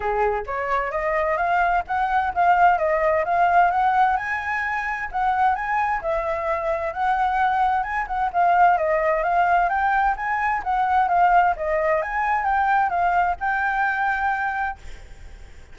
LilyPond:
\new Staff \with { instrumentName = "flute" } { \time 4/4 \tempo 4 = 130 gis'4 cis''4 dis''4 f''4 | fis''4 f''4 dis''4 f''4 | fis''4 gis''2 fis''4 | gis''4 e''2 fis''4~ |
fis''4 gis''8 fis''8 f''4 dis''4 | f''4 g''4 gis''4 fis''4 | f''4 dis''4 gis''4 g''4 | f''4 g''2. | }